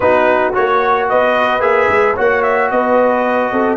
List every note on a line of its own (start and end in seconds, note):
0.00 0.52 B3
0.00 0.53 D#4
0.00 1.09 F#4
0.00 0.53 B4
0.53 1.11 A#3
0.53 1.60 F#4
0.53 1.08 C#5
1.09 1.60 B3
1.09 2.15 B4
1.09 1.61 D#5
1.60 1.87 A#3
1.60 2.14 G#4
1.60 2.15 E5
1.89 2.16 G#3
2.15 2.71 A#3
2.15 3.76 F#4
2.15 2.69 C#5
2.15 2.42 F#5
2.42 2.69 E5
2.70 3.51 B3
2.70 3.52 B4
2.70 3.76 D#5
3.51 3.76 C4
3.51 3.76 A4